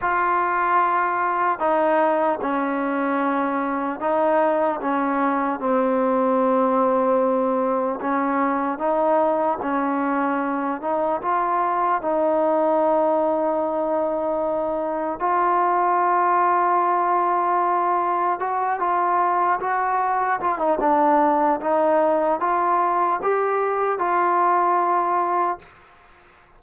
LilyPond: \new Staff \with { instrumentName = "trombone" } { \time 4/4 \tempo 4 = 75 f'2 dis'4 cis'4~ | cis'4 dis'4 cis'4 c'4~ | c'2 cis'4 dis'4 | cis'4. dis'8 f'4 dis'4~ |
dis'2. f'4~ | f'2. fis'8 f'8~ | f'8 fis'4 f'16 dis'16 d'4 dis'4 | f'4 g'4 f'2 | }